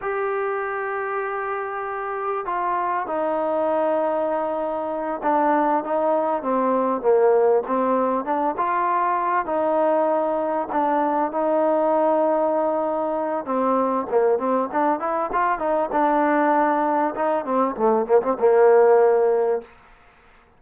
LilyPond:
\new Staff \with { instrumentName = "trombone" } { \time 4/4 \tempo 4 = 98 g'1 | f'4 dis'2.~ | dis'8 d'4 dis'4 c'4 ais8~ | ais8 c'4 d'8 f'4. dis'8~ |
dis'4. d'4 dis'4.~ | dis'2 c'4 ais8 c'8 | d'8 e'8 f'8 dis'8 d'2 | dis'8 c'8 a8 ais16 c'16 ais2 | }